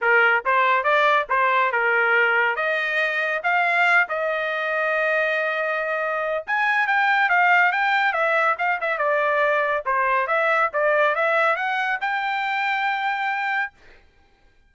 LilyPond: \new Staff \with { instrumentName = "trumpet" } { \time 4/4 \tempo 4 = 140 ais'4 c''4 d''4 c''4 | ais'2 dis''2 | f''4. dis''2~ dis''8~ | dis''2. gis''4 |
g''4 f''4 g''4 e''4 | f''8 e''8 d''2 c''4 | e''4 d''4 e''4 fis''4 | g''1 | }